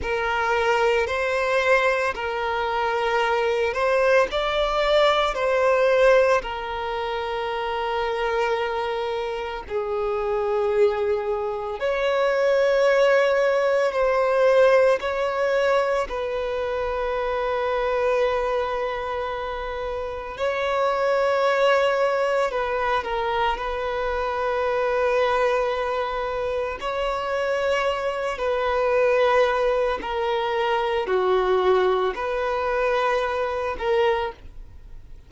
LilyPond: \new Staff \with { instrumentName = "violin" } { \time 4/4 \tempo 4 = 56 ais'4 c''4 ais'4. c''8 | d''4 c''4 ais'2~ | ais'4 gis'2 cis''4~ | cis''4 c''4 cis''4 b'4~ |
b'2. cis''4~ | cis''4 b'8 ais'8 b'2~ | b'4 cis''4. b'4. | ais'4 fis'4 b'4. ais'8 | }